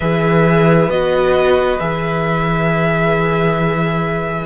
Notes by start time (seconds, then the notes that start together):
0.00 E3 G#4 B4 E5
0.89 B3 F#4 D#5
1.79 E3 G#4 E5